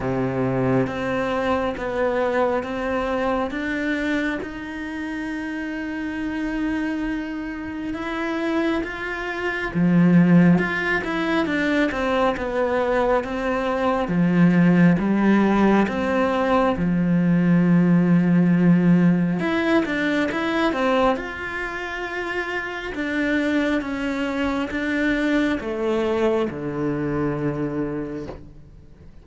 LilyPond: \new Staff \with { instrumentName = "cello" } { \time 4/4 \tempo 4 = 68 c4 c'4 b4 c'4 | d'4 dis'2.~ | dis'4 e'4 f'4 f4 | f'8 e'8 d'8 c'8 b4 c'4 |
f4 g4 c'4 f4~ | f2 e'8 d'8 e'8 c'8 | f'2 d'4 cis'4 | d'4 a4 d2 | }